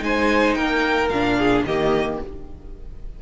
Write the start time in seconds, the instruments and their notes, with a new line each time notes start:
0.00 cello G#3, viola D#4, violin C5 G#5
0.55 cello A#3, violin A#4 G5
1.10 cello A#2, viola D4, violin F5
1.38 violin G#4
1.64 cello D#3, viola A#3, violin G4 D#5